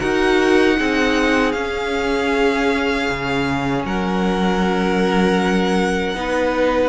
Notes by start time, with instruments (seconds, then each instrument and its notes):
0.00 cello D#4, viola F#4, violin A#4 F#5
0.77 cello C4, viola D#4, violin G#4
1.52 cello C#4, viola C#4, violin F5
3.09 cello C#3
3.84 cello F#3, violin A#4 F#5
6.14 cello B3, viola D#4, violin B4